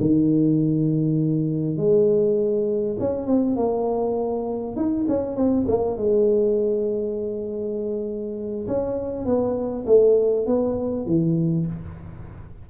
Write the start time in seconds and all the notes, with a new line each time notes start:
0.00 D#3
1.77 G#3
2.99 C#4
3.26 C4
3.56 A#3
4.76 D#4
5.08 C#4
5.36 C4
5.68 A#3
5.97 G#3
8.67 C#4
9.25 B3
9.86 A3
10.46 B3
11.06 E3